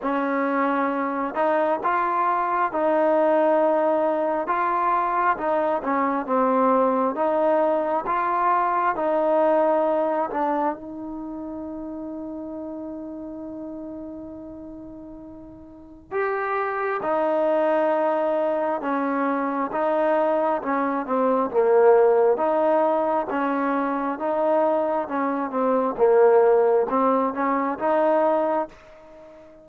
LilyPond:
\new Staff \with { instrumentName = "trombone" } { \time 4/4 \tempo 4 = 67 cis'4. dis'8 f'4 dis'4~ | dis'4 f'4 dis'8 cis'8 c'4 | dis'4 f'4 dis'4. d'8 | dis'1~ |
dis'2 g'4 dis'4~ | dis'4 cis'4 dis'4 cis'8 c'8 | ais4 dis'4 cis'4 dis'4 | cis'8 c'8 ais4 c'8 cis'8 dis'4 | }